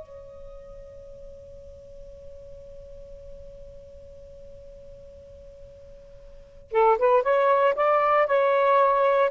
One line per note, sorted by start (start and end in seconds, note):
0.00 6.72 C#5
6.72 6.98 A4
6.98 7.23 B4
7.23 7.74 C#5
7.75 8.27 D5
8.27 9.31 C#5